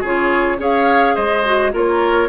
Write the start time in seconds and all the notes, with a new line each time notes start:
0.00 C#3 F4 G#4 C#5
0.58 C#4 G#4 C#5 F5
1.15 G#3 C5 D#5
1.45 F#4
1.72 A#3 F4 A#4 C#5